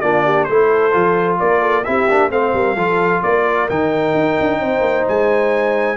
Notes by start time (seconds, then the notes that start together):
0.00 A#3 D4 F4 D5
0.25 G4
0.44 A3 E4 A4 C5
0.92 F3 F4
1.39 A#3 A#4 D5
1.60 A4
1.84 C4 E4 G4 E5
2.09 A#3 D4
2.30 A3 C4 C5 F5
2.53 G3 A#4
2.76 F3 F4 A4
3.23 A#3 A#4 D5
3.69 D#3 D#4 G5
4.14 D#4
4.40 D4
4.60 C4 C5
4.81 A#3
5.08 G#3 G#5